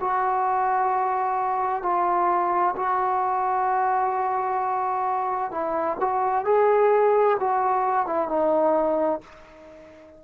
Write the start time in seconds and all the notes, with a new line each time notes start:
0.00 F#4
1.82 F4
2.76 F#4
5.50 E4
6.00 F#4
6.44 G#4
7.39 F#4
8.06 E4
8.28 D#4